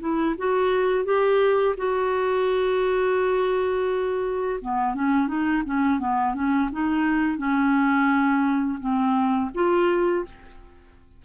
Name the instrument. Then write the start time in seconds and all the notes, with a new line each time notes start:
clarinet
0.00 E4
0.38 F#4
1.05 G4
1.77 F#4
4.61 B3
4.94 C#4
5.27 D#4
5.66 C#4
5.99 B3
6.34 C#4
6.72 D#4
7.38 C#4
8.80 C4
9.55 F4